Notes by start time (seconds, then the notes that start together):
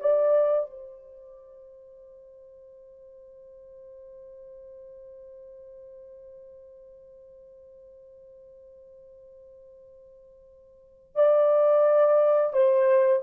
0.00 D5
0.70 C5
11.15 D5
12.53 C5